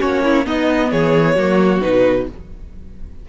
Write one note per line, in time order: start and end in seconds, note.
0.00 0.46 A#3
0.00 0.45 C#4
0.00 0.23 F#4
0.00 0.46 C#5
0.24 0.45 E4
0.45 1.37 B3
0.45 0.92 B3
0.45 0.91 D#4
0.45 0.91 D#5
0.91 1.36 E3
0.91 1.35 G#4
0.91 1.81 C#5
1.35 1.82 F#3
1.35 1.81 A#3
1.35 2.26 F#4
1.81 2.29 B2
1.81 2.27 D#4
1.81 2.27 B4